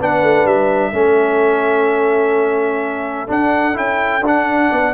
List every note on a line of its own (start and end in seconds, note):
0.00 0.23 B3
0.00 0.93 D4
0.00 0.93 B4
0.00 0.47 F#5
0.23 0.46 A3
0.46 0.93 G3
0.46 3.31 E5
0.93 3.30 A3
0.93 3.28 C#4
0.93 4.70 A4
3.28 3.75 D4
3.28 3.77 D4
3.28 3.78 F#5
3.75 4.22 C#4
3.75 4.22 E4
3.75 4.25 G5
4.22 4.69 D4
4.22 4.94 D4
4.22 4.94 F#5
4.70 4.94 B3
4.70 4.94 D5